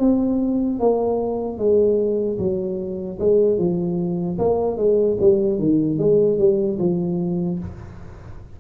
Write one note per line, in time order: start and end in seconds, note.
0.00 0.80 C4
0.80 1.59 A#3
1.59 2.39 G#3
2.39 3.19 F#3
3.20 3.59 G#3
3.59 4.39 F3
4.39 4.77 A#3
4.77 5.17 G#3
5.21 5.59 G3
5.59 5.99 D#3
5.99 6.39 G#3
6.39 6.79 G3
6.79 7.59 F3